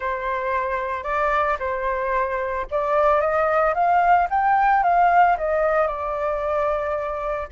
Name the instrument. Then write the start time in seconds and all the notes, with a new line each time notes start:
flute
0.00 C5
1.03 D5
1.59 C5
2.70 D5
3.20 D#5
3.74 F5
4.30 G5
4.83 F5
5.37 D#5
5.87 D5